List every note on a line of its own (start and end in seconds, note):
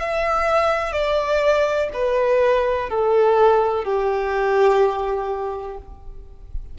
0.00 0.92 E5
0.92 1.89 D5
1.94 2.89 B4
2.89 3.84 A4
3.84 5.78 G4